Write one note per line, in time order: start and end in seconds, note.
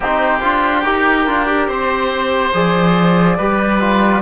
0.00 0.42 C4
0.00 0.40 D#4
0.00 1.67 G4
0.00 0.84 C5
0.40 0.85 D4
0.40 0.83 F4
0.84 1.26 D#4
0.84 1.26 G4
0.84 1.69 A#4
1.26 1.68 D4
1.26 1.46 F4
1.46 2.52 G4
1.67 2.52 C4
1.67 3.36 C5
1.67 2.53 C5
2.53 3.38 F3
2.53 3.38 G#4
2.53 4.21 D5
3.37 4.21 G3
3.37 3.80 G4
3.37 4.21 B4
3.80 4.21 F4